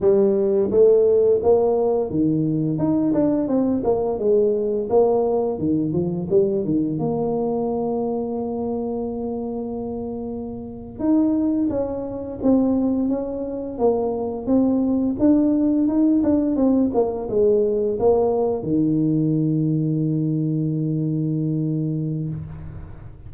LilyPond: \new Staff \with { instrumentName = "tuba" } { \time 4/4 \tempo 4 = 86 g4 a4 ais4 dis4 | dis'8 d'8 c'8 ais8 gis4 ais4 | dis8 f8 g8 dis8 ais2~ | ais2.~ ais8. dis'16~ |
dis'8. cis'4 c'4 cis'4 ais16~ | ais8. c'4 d'4 dis'8 d'8 c'16~ | c'16 ais8 gis4 ais4 dis4~ dis16~ | dis1 | }